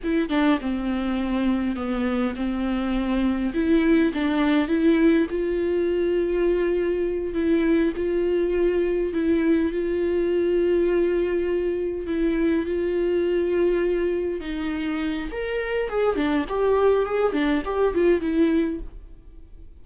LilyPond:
\new Staff \with { instrumentName = "viola" } { \time 4/4 \tempo 4 = 102 e'8 d'8 c'2 b4 | c'2 e'4 d'4 | e'4 f'2.~ | f'8 e'4 f'2 e'8~ |
e'8 f'2.~ f'8~ | f'8 e'4 f'2~ f'8~ | f'8 dis'4. ais'4 gis'8 d'8 | g'4 gis'8 d'8 g'8 f'8 e'4 | }